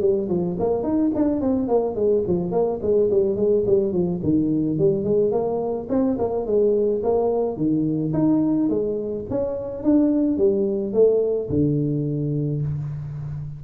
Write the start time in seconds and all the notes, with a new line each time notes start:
0.00 G3
0.29 F3
0.59 A#3
0.83 D#4
1.14 D4
1.41 C4
1.68 A#3
1.95 G#3
2.27 F3
2.51 A#3
2.81 G#3
3.10 G3
3.36 G#3
3.66 G3
3.92 F3
4.23 D#3
4.78 G3
5.04 G#3
5.31 A#3
5.89 C4
6.18 A#3
6.46 G#3
7.03 A#3
7.56 D#3
8.13 D#4
8.69 G#3
9.30 C#4
9.83 D4
10.37 G3
10.93 A3
11.49 D3